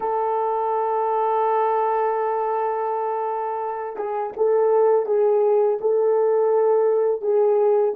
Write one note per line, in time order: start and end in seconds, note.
0.00 3.96 A4
3.96 4.32 G#4
4.36 5.06 A4
5.06 5.78 G#4
5.80 7.21 A4
7.21 7.94 G#4